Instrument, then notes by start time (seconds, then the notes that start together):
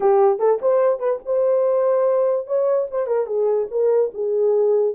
horn
0.00 G4
0.38 A4
0.61 C5
0.99 B4
1.25 C5
2.46 C#5
2.90 C5
3.06 A#4
3.26 G#4
3.70 A#4
4.14 G#4